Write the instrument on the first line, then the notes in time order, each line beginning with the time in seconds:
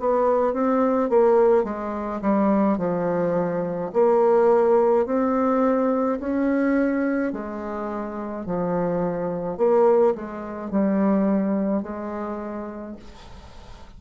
bassoon
0.00 B3
0.54 C4
1.10 A#3
1.64 G#3
2.22 G3
2.78 F3
3.93 A#3
5.06 C4
6.20 C#4
7.33 G#3
8.46 F3
9.58 A#3
10.15 G#3
10.71 G3
11.83 G#3